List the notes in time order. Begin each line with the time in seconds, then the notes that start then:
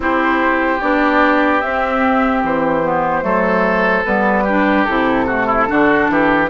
0.00 C4 E4 G4 C5
0.80 B3 D4 D5
1.60 C4 E5
2.43 E3 C5
2.83 B3
3.22 F#3 A3 A4
4.05 G3 B3 B4
4.43 D4 G4
4.84 C3 E4 A4
5.26 A3 F#4
5.46 E4
5.67 D3 D4 F#4
6.09 E3 G4